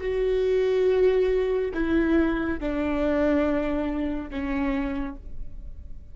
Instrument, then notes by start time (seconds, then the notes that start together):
viola
0.00 F#4
1.74 E4
2.60 D4
4.30 C#4